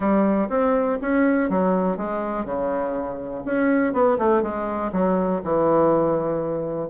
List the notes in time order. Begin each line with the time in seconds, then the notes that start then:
0.00 G3
0.49 C4
1.01 C#4
1.49 F#3
1.97 G#3
2.45 C#3
3.45 C#4
3.93 B3
4.18 A3
4.42 G#3
4.92 F#3
5.44 E3